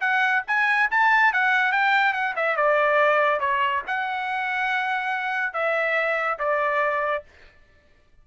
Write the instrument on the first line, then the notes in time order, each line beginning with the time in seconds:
trumpet
0.00 F#5
0.47 G#5
0.90 A5
1.32 F#5
1.72 G5
2.13 F#5
2.36 E5
2.56 D5
3.40 C#5
3.87 F#5
5.53 E5
6.38 D5